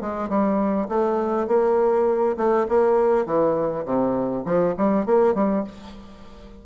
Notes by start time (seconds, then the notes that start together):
0.00 G#3
0.29 G3
0.88 A3
1.47 A#3
2.37 A3
2.68 A#3
3.25 E3
3.85 C3
4.45 F3
4.77 G3
5.06 A#3
5.34 G3